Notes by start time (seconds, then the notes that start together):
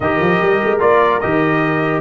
0.00 D#3 G4 A#4 D#5
0.20 F3
0.41 G3
0.64 G#3
0.79 A#3 F4 D5
1.20 D#3 G4 D#5